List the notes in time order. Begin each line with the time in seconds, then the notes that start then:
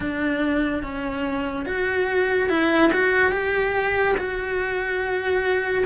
0.00 D4
0.83 C#4
1.65 F#4
2.49 E4
2.92 F#4
3.31 G4
4.17 F#4